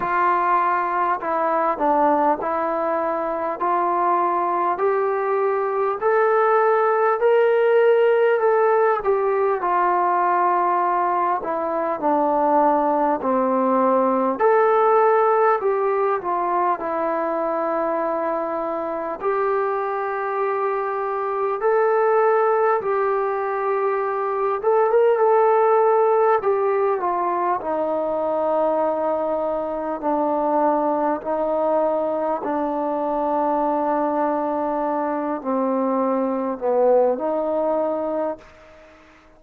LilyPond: \new Staff \with { instrumentName = "trombone" } { \time 4/4 \tempo 4 = 50 f'4 e'8 d'8 e'4 f'4 | g'4 a'4 ais'4 a'8 g'8 | f'4. e'8 d'4 c'4 | a'4 g'8 f'8 e'2 |
g'2 a'4 g'4~ | g'8 a'16 ais'16 a'4 g'8 f'8 dis'4~ | dis'4 d'4 dis'4 d'4~ | d'4. c'4 b8 dis'4 | }